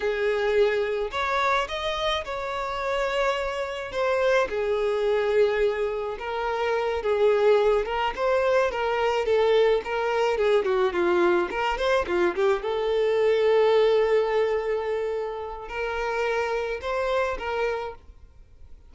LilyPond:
\new Staff \with { instrumentName = "violin" } { \time 4/4 \tempo 4 = 107 gis'2 cis''4 dis''4 | cis''2. c''4 | gis'2. ais'4~ | ais'8 gis'4. ais'8 c''4 ais'8~ |
ais'8 a'4 ais'4 gis'8 fis'8 f'8~ | f'8 ais'8 c''8 f'8 g'8 a'4.~ | a'1 | ais'2 c''4 ais'4 | }